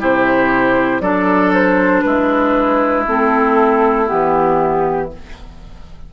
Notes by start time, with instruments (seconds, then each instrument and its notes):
0.00 bassoon C3, clarinet E4, oboe G4, flute C5
1.01 bassoon F#3, clarinet D4, oboe A4, flute D5
1.54 flute C5
2.02 bassoon G#3, oboe E4, flute B4
3.08 bassoon A3, clarinet C4, flute A4
4.07 bassoon E3, clarinet B3, flute G4